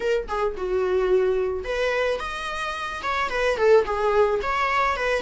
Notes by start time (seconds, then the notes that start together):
0.00 A#4
0.28 G#4
0.56 F#4
1.64 B4
2.19 D#5
3.03 C#5
3.29 B4
3.57 A4
3.85 G#4
4.42 C#5
4.96 B4